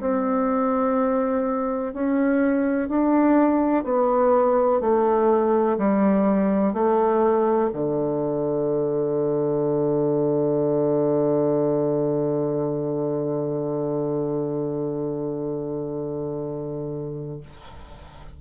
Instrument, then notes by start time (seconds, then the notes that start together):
bassoon
0.00 C4
1.94 C#4
2.89 D4
3.84 B3
4.80 A3
5.78 G3
6.73 A3
7.73 D3